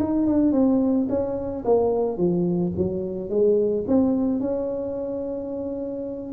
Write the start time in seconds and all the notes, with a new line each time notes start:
0.00 D#4
0.27 D4
0.53 C4
1.10 C#4
1.65 A#3
2.18 F3
2.77 F#3
3.30 G#3
3.88 C4
4.41 C#4